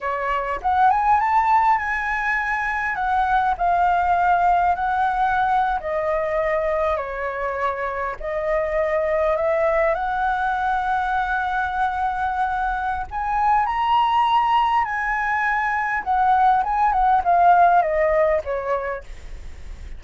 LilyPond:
\new Staff \with { instrumentName = "flute" } { \time 4/4 \tempo 4 = 101 cis''4 fis''8 gis''8 a''4 gis''4~ | gis''4 fis''4 f''2 | fis''4.~ fis''16 dis''2 cis''16~ | cis''4.~ cis''16 dis''2 e''16~ |
e''8. fis''2.~ fis''16~ | fis''2 gis''4 ais''4~ | ais''4 gis''2 fis''4 | gis''8 fis''8 f''4 dis''4 cis''4 | }